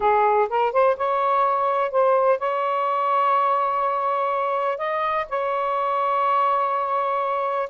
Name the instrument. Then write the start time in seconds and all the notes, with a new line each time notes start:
saxophone
0.00 G#4
0.49 A#4
0.72 C5
0.96 C#5
1.91 C5
2.38 C#5
4.77 D#5
5.29 C#5